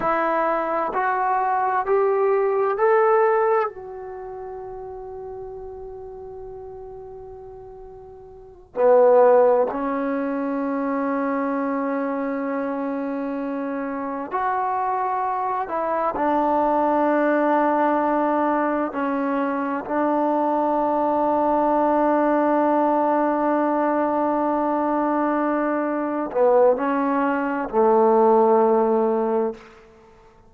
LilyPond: \new Staff \with { instrumentName = "trombone" } { \time 4/4 \tempo 4 = 65 e'4 fis'4 g'4 a'4 | fis'1~ | fis'4. b4 cis'4.~ | cis'2.~ cis'8 fis'8~ |
fis'4 e'8 d'2~ d'8~ | d'8 cis'4 d'2~ d'8~ | d'1~ | d'8 b8 cis'4 a2 | }